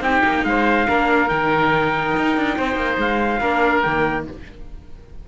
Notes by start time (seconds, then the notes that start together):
0.00 C4 D#4 G4 G5
0.23 A#3
0.44 G#3 C5 F5
0.88 A#3 D4 A#4
1.28 D#3 D#4 G5
2.16 D#4
2.36 D4
2.57 C4 C5
2.75 A#3
2.98 G#3 F5
3.40 A#3 D4 A#4
3.81 D#3 A#3 G5